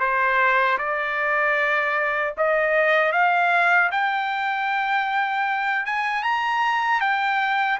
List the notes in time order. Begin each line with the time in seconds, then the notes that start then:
0.00 C5
0.78 D5
2.38 D#5
3.12 F5
3.91 G5
5.86 G#5
6.23 A#5
7.01 G5